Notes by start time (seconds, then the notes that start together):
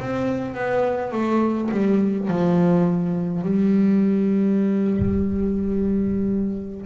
0.00 C4
0.55 B3
1.13 A3
1.72 G3
2.28 F3
3.43 G3